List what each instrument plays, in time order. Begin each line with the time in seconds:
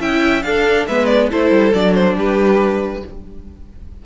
0.00 cello C#4, viola E4, violin E5 G5
0.43 cello D4, viola D4, violin A4 F5
0.87 cello G#3, viola B3, violin B4 E5
1.06 violin D5
1.31 cello A3, viola E4, violin A4 C5
1.51 cello G3
1.74 cello F#3, viola D4, violin D5
1.95 violin C5
2.16 cello G3, violin G4 B4